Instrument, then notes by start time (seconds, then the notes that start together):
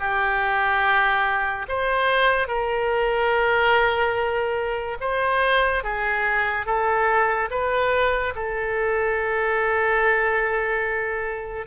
oboe
0.00 G4
1.69 C5
2.48 A#4
5.01 C5
5.84 G#4
6.66 A4
7.51 B4
8.36 A4